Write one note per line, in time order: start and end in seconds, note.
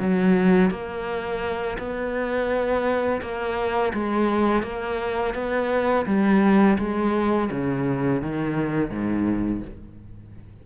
0.00 0.70 F#3
0.70 1.78 A#3
1.79 3.21 B3
3.22 3.93 A#3
3.94 4.63 G#3
4.63 5.34 A#3
5.34 6.06 B3
6.06 6.78 G3
6.79 7.50 G#3
7.51 8.22 C#3
8.22 8.90 D#3
8.90 9.62 G#2